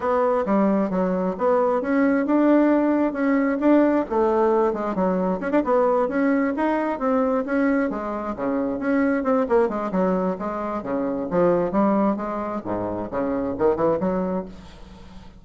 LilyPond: \new Staff \with { instrumentName = "bassoon" } { \time 4/4 \tempo 4 = 133 b4 g4 fis4 b4 | cis'4 d'2 cis'4 | d'4 a4. gis8 fis4 | cis'16 d'16 b4 cis'4 dis'4 c'8~ |
c'8 cis'4 gis4 cis4 cis'8~ | cis'8 c'8 ais8 gis8 fis4 gis4 | cis4 f4 g4 gis4 | gis,4 cis4 dis8 e8 fis4 | }